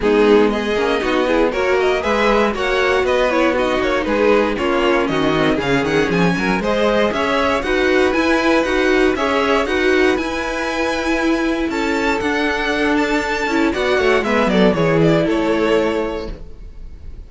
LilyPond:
<<
  \new Staff \with { instrumentName = "violin" } { \time 4/4 \tempo 4 = 118 gis'4 dis''2 cis''8 dis''8 | e''4 fis''4 dis''8 cis''8 dis''8 cis''8 | b'4 cis''4 dis''4 f''8 fis''8 | gis''4 dis''4 e''4 fis''4 |
gis''4 fis''4 e''4 fis''4 | gis''2. a''4 | fis''4. a''4. fis''4 | e''8 d''8 cis''8 d''8 cis''2 | }
  \new Staff \with { instrumentName = "violin" } { \time 4/4 dis'4 gis'4 fis'8 gis'8 ais'4 | b'4 cis''4 b'4 fis'4 | gis'4 f'4 fis'4 gis'4~ | gis'8 ais'8 c''4 cis''4 b'4~ |
b'2 cis''4 b'4~ | b'2. a'4~ | a'2. d''8 cis''8 | b'8 a'8 gis'4 a'2 | }
  \new Staff \with { instrumentName = "viola" } { \time 4/4 b4. cis'8 dis'8 e'8 fis'4 | gis'4 fis'4. e'8 dis'4~ | dis'4 cis'4. c'8 cis'4~ | cis'4 gis'2 fis'4 |
e'4 fis'4 gis'4 fis'4 | e'1 | d'2~ d'8 e'8 fis'4 | b4 e'2. | }
  \new Staff \with { instrumentName = "cello" } { \time 4/4 gis4. ais8 b4 ais4 | gis4 ais4 b4. ais8 | gis4 ais4 dis4 cis8 dis8 | f8 fis8 gis4 cis'4 dis'4 |
e'4 dis'4 cis'4 dis'4 | e'2. cis'4 | d'2~ d'8 cis'8 b8 a8 | gis8 fis8 e4 a2 | }
>>